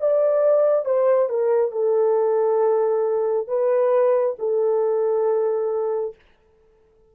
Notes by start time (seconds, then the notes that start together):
0.00 D5
0.85 C5
1.29 A#4
1.72 A4
3.48 B4
4.39 A4